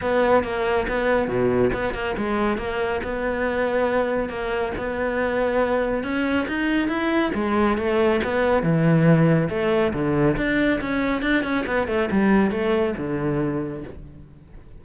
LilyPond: \new Staff \with { instrumentName = "cello" } { \time 4/4 \tempo 4 = 139 b4 ais4 b4 b,4 | b8 ais8 gis4 ais4 b4~ | b2 ais4 b4~ | b2 cis'4 dis'4 |
e'4 gis4 a4 b4 | e2 a4 d4 | d'4 cis'4 d'8 cis'8 b8 a8 | g4 a4 d2 | }